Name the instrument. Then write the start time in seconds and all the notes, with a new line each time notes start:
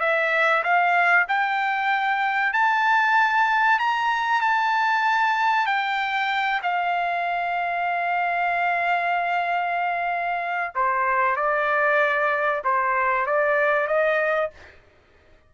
trumpet
0.00 E5
0.63 F5
1.29 G5
2.53 A5
3.79 A#5
4.41 A5
5.66 G5
6.63 F5
10.75 C5
11.36 D5
12.64 C5
13.27 D5
13.88 D#5